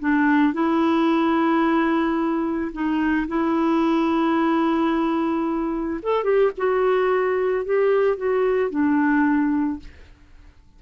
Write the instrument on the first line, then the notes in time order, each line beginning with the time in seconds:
clarinet
0.00 D4
0.54 E4
2.73 D#4
3.28 E4
6.03 A4
6.24 G4
6.58 F#4
7.65 G4
8.17 F#4
8.71 D4